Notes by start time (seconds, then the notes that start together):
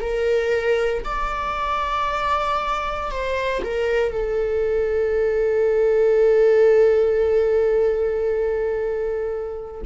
0.00 A#4
1.03 D5
3.10 C5
3.64 A#4
4.12 A4